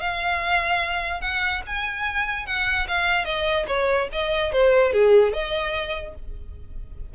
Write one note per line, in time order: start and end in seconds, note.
0.00 1.21 F5
1.21 1.62 F#5
1.67 2.46 G#5
2.46 2.87 F#5
2.88 3.25 F5
3.25 3.66 D#5
3.67 4.08 C#5
4.12 4.52 D#5
4.52 4.93 C5
4.93 5.33 G#4
5.33 6.14 D#5